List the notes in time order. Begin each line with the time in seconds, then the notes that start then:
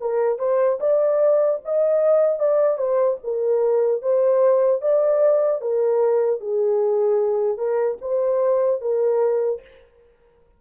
0.00 A#4
0.39 C5
0.80 D5
1.64 D#5
2.39 D5
2.77 C5
3.23 A#4
4.01 C5
4.81 D5
5.61 A#4
6.40 G#4
7.57 A#4
8.01 C5
8.81 A#4